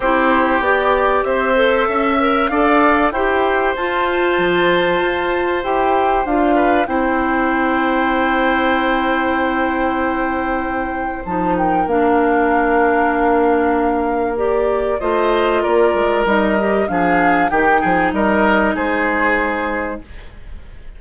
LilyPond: <<
  \new Staff \with { instrumentName = "flute" } { \time 4/4 \tempo 4 = 96 c''4 d''4 e''2 | f''4 g''4 a''2~ | a''4 g''4 f''4 g''4~ | g''1~ |
g''2 a''8 g''8 f''4~ | f''2. d''4 | dis''4 d''4 dis''4 f''4 | g''4 dis''4 c''2 | }
  \new Staff \with { instrumentName = "oboe" } { \time 4/4 g'2 c''4 e''4 | d''4 c''2.~ | c''2~ c''8 b'8 c''4~ | c''1~ |
c''2~ c''8 ais'4.~ | ais'1 | c''4 ais'2 gis'4 | g'8 gis'8 ais'4 gis'2 | }
  \new Staff \with { instrumentName = "clarinet" } { \time 4/4 e'4 g'4. a'4 ais'8 | a'4 g'4 f'2~ | f'4 g'4 f'4 e'4~ | e'1~ |
e'2 dis'4 d'4~ | d'2. g'4 | f'2 dis'8 g'8 d'4 | dis'1 | }
  \new Staff \with { instrumentName = "bassoon" } { \time 4/4 c'4 b4 c'4 cis'4 | d'4 e'4 f'4 f4 | f'4 e'4 d'4 c'4~ | c'1~ |
c'2 f4 ais4~ | ais1 | a4 ais8 gis8 g4 f4 | dis8 f8 g4 gis2 | }
>>